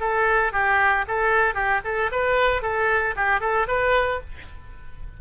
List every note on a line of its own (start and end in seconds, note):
0.00 0.52 A4
0.52 1.05 G4
1.08 1.54 A4
1.54 1.81 G4
1.84 2.11 A4
2.11 2.62 B4
2.62 3.15 A4
3.16 3.40 G4
3.40 3.67 A4
3.68 4.20 B4